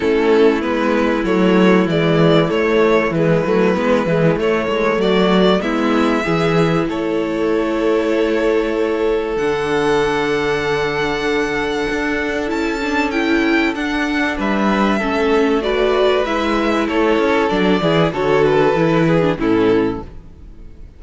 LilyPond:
<<
  \new Staff \with { instrumentName = "violin" } { \time 4/4 \tempo 4 = 96 a'4 b'4 cis''4 d''4 | cis''4 b'2 cis''4 | d''4 e''2 cis''4~ | cis''2. fis''4~ |
fis''1 | a''4 g''4 fis''4 e''4~ | e''4 d''4 e''4 cis''4 | d''4 cis''8 b'4. a'4 | }
  \new Staff \with { instrumentName = "violin" } { \time 4/4 e'1~ | e'1 | fis'4 e'4 gis'4 a'4~ | a'1~ |
a'1~ | a'2. b'4 | a'4 b'2 a'4~ | a'8 gis'8 a'4. gis'8 e'4 | }
  \new Staff \with { instrumentName = "viola" } { \time 4/4 cis'4 b4 a4 gis4 | a4 gis8 a8 b8 gis8 a4~ | a4 b4 e'2~ | e'2. d'4~ |
d'1 | e'8 d'8 e'4 d'2 | cis'4 fis'4 e'2 | d'8 e'8 fis'4 e'8. d'16 cis'4 | }
  \new Staff \with { instrumentName = "cello" } { \time 4/4 a4 gis4 fis4 e4 | a4 e8 fis8 gis8 e8 a8 gis8 | fis4 gis4 e4 a4~ | a2. d4~ |
d2. d'4 | cis'2 d'4 g4 | a2 gis4 a8 cis'8 | fis8 e8 d4 e4 a,4 | }
>>